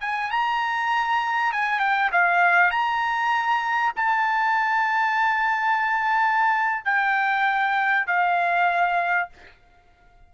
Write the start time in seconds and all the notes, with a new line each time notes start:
0.00 G#5
0.31 A#5
1.52 G#5
1.80 G5
2.12 F5
2.71 A#5
3.96 A5
6.85 G5
8.07 F5